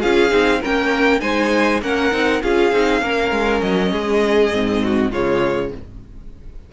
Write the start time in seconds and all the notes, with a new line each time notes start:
0.00 C#4 F4 G#4 F5
0.29 C4 D#4
0.61 A#3 C#4 A#4 G5
1.20 G#3 D#4 C5 G#5
1.82 A#3 C#4 A#4 F#5
2.12 C4 D#4
2.43 C#4 F4 G#4 F5
2.72 C4 D#4
3.02 A#3 C#4 A#4
3.31 G#3
3.62 F#3 D#5
3.92 G#3 G#4
4.52 G#2 C4
4.84 F#4
5.12 C#3 G#3 F4 C#5